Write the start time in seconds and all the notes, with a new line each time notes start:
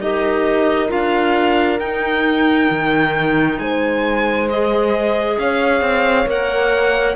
0.00 D#4 G4 A#4 D#5
0.88 D4 F4 F5
1.79 D#4 G5
2.70 D#3
3.58 G#3 C5 G#5
4.49 G#4 D#5
5.38 C#4 C#5 F5
5.81 C4
6.26 A#3 A#4 F#5